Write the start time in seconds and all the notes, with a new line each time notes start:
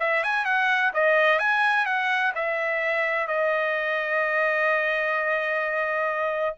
0.00 E5
0.23 G#5
0.45 F#5
0.94 D#5
1.39 G#5
1.86 F#5
2.35 E5
3.27 D#5